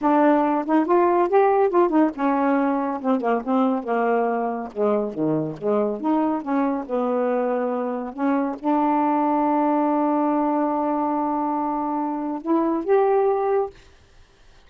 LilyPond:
\new Staff \with { instrumentName = "saxophone" } { \time 4/4 \tempo 4 = 140 d'4. dis'8 f'4 g'4 | f'8 dis'8 cis'2 c'8 ais8 | c'4 ais2 gis4 | dis4 gis4 dis'4 cis'4 |
b2. cis'4 | d'1~ | d'1~ | d'4 e'4 g'2 | }